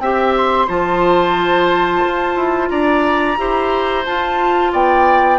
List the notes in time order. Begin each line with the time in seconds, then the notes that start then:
0.00 C4 G4 E5 G5
0.37 C6
0.67 F3 F4 C5 A5
2.05 F4
2.36 E4
2.70 D4 D5 A#5
3.37 E4 G4 C5
4.05 F4 A5
4.72 B3 D5 G5